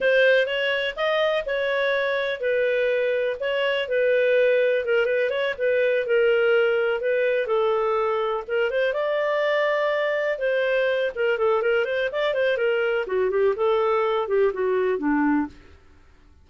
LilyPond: \new Staff \with { instrumentName = "clarinet" } { \time 4/4 \tempo 4 = 124 c''4 cis''4 dis''4 cis''4~ | cis''4 b'2 cis''4 | b'2 ais'8 b'8 cis''8 b'8~ | b'8 ais'2 b'4 a'8~ |
a'4. ais'8 c''8 d''4.~ | d''4. c''4. ais'8 a'8 | ais'8 c''8 d''8 c''8 ais'4 fis'8 g'8 | a'4. g'8 fis'4 d'4 | }